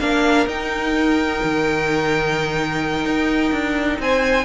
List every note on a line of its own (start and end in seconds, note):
0.00 0.46 A#3
0.00 0.47 D4
0.00 4.00 A#4
0.00 0.47 F5
0.46 1.40 D#4
0.46 4.45 D#4
0.46 4.00 G5
1.43 3.05 D#3
3.05 3.52 D#4
3.52 3.99 D4
3.99 4.45 C4
3.99 4.45 C5
3.99 4.45 G#5